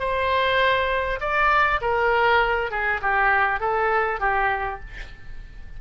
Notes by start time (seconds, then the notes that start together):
0.00 C5
1.21 D5
1.81 A#4
2.71 G#4
3.02 G4
3.60 A4
4.20 G4